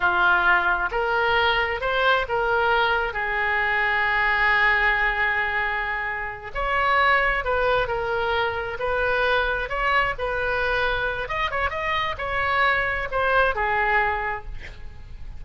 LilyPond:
\new Staff \with { instrumentName = "oboe" } { \time 4/4 \tempo 4 = 133 f'2 ais'2 | c''4 ais'2 gis'4~ | gis'1~ | gis'2~ gis'8 cis''4.~ |
cis''8 b'4 ais'2 b'8~ | b'4. cis''4 b'4.~ | b'4 dis''8 cis''8 dis''4 cis''4~ | cis''4 c''4 gis'2 | }